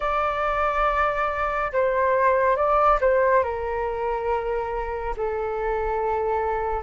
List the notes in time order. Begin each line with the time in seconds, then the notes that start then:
0.00 D5
1.72 C5
2.56 D5
3.00 C5
3.43 A#4
5.17 A4